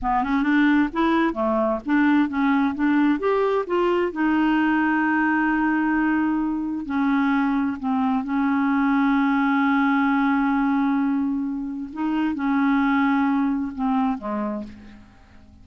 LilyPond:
\new Staff \with { instrumentName = "clarinet" } { \time 4/4 \tempo 4 = 131 b8 cis'8 d'4 e'4 a4 | d'4 cis'4 d'4 g'4 | f'4 dis'2.~ | dis'2. cis'4~ |
cis'4 c'4 cis'2~ | cis'1~ | cis'2 dis'4 cis'4~ | cis'2 c'4 gis4 | }